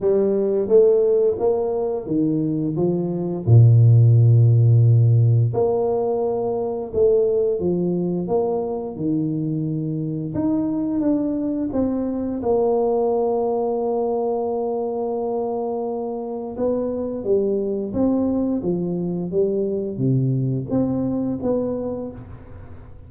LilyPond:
\new Staff \with { instrumentName = "tuba" } { \time 4/4 \tempo 4 = 87 g4 a4 ais4 dis4 | f4 ais,2. | ais2 a4 f4 | ais4 dis2 dis'4 |
d'4 c'4 ais2~ | ais1 | b4 g4 c'4 f4 | g4 c4 c'4 b4 | }